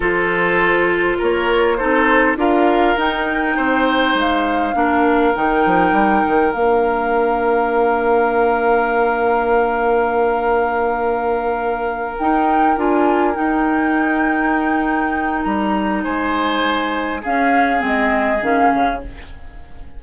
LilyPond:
<<
  \new Staff \with { instrumentName = "flute" } { \time 4/4 \tempo 4 = 101 c''2 cis''4 c''4 | f''4 g''2 f''4~ | f''4 g''2 f''4~ | f''1~ |
f''1~ | f''8 g''4 gis''4 g''4.~ | g''2 ais''4 gis''4~ | gis''4 f''4 dis''4 f''4 | }
  \new Staff \with { instrumentName = "oboe" } { \time 4/4 a'2 ais'4 a'4 | ais'2 c''2 | ais'1~ | ais'1~ |
ais'1~ | ais'1~ | ais'2. c''4~ | c''4 gis'2. | }
  \new Staff \with { instrumentName = "clarinet" } { \time 4/4 f'2. dis'4 | f'4 dis'2. | d'4 dis'2 d'4~ | d'1~ |
d'1~ | d'8 dis'4 f'4 dis'4.~ | dis'1~ | dis'4 cis'4 c'4 cis'4 | }
  \new Staff \with { instrumentName = "bassoon" } { \time 4/4 f2 ais4 c'4 | d'4 dis'4 c'4 gis4 | ais4 dis8 f8 g8 dis8 ais4~ | ais1~ |
ais1~ | ais8 dis'4 d'4 dis'4.~ | dis'2 g4 gis4~ | gis4 cis'4 gis4 dis8 cis8 | }
>>